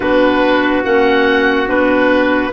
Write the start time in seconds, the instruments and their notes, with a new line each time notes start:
0.00 tuba B3, clarinet D4, trumpet F#4, oboe B4
0.84 tuba A#3, clarinet C#4, oboe F#5
1.66 tuba B3, clarinet D4, oboe B4